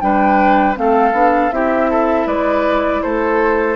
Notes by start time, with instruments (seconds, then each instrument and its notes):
0.00 bassoon G3, clarinet D4, oboe B4, flute G5
0.75 bassoon A3, clarinet C4, oboe A4, flute F5
1.12 bassoon B3, clarinet D4
1.51 bassoon C4, clarinet E4, oboe G4, flute E5
1.90 oboe A4
2.26 bassoon G#3, oboe B4, flute D5
3.02 bassoon A3, oboe A4, flute C5